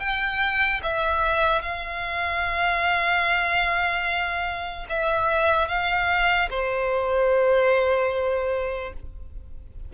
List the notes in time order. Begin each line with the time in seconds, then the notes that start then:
0.00 G5
0.83 E5
1.62 F5
4.90 E5
5.68 F5
6.50 C5